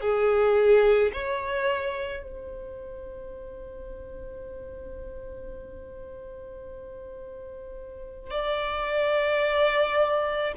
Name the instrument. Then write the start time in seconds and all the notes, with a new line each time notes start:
violin
0.00 G#4
1.13 C#5
2.22 C5
8.30 D5